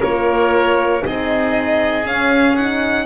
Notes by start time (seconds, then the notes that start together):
0.00 A#3 F4 A#4 C#5
1.02 C4 D#4 G#4 D#5
2.04 C#4 F5
2.56 D#4 F#5